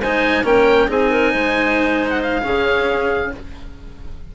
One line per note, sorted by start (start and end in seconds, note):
0.00 0.43 G#3
0.00 0.43 D#4
0.00 0.44 C5
0.00 0.45 G#5
0.43 0.87 A#3
0.43 0.87 C#4
0.43 0.89 A#4
0.43 0.90 G5
0.87 1.33 C4
0.87 2.42 D#4
0.87 1.10 G#4
0.87 2.10 G#5
1.10 1.31 A#4
1.31 2.44 G#3
1.31 2.42 C5
2.10 2.21 F#5
2.22 3.32 F5
2.42 3.35 C#3
2.42 3.30 C#4
2.42 3.32 G#4